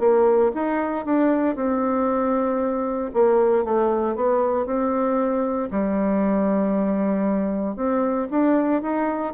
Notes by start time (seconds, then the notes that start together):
0.00 A#3
0.55 D#4
1.06 D4
1.56 C4
3.14 A#3
3.65 A3
4.16 B3
4.66 C4
5.71 G3
7.77 C4
8.31 D4
8.83 D#4